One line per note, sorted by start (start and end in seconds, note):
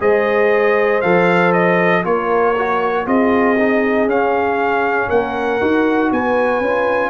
0.00 1.02 G#3
0.00 1.02 G#4
0.00 2.05 C5
0.00 1.01 D#5
1.01 2.05 F3
1.01 2.04 A4
1.01 1.52 F5
1.53 2.03 D#5
2.04 3.06 A#3
2.04 2.55 F4
2.04 3.06 A#4
2.04 3.07 C#5
2.58 3.05 F#4
3.05 4.06 C4
3.05 3.56 F4
3.05 5.08 G#4
3.05 4.09 D#5
3.58 4.09 D#4
4.06 5.07 C#4
4.06 5.61 C#4
4.06 5.09 F5
5.08 5.61 A#3
5.08 6.10 A#4
5.08 6.11 F#5
5.61 6.11 D#4
5.61 6.62 F#4
6.11 6.60 B3
6.11 7.10 B4
6.11 7.10 G#5
6.60 7.10 C#4
6.60 7.10 F4